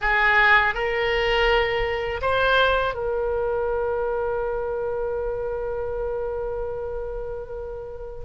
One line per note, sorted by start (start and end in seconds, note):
0.01 0.74 G#4
0.74 2.20 A#4
2.21 2.94 C5
2.94 8.24 A#4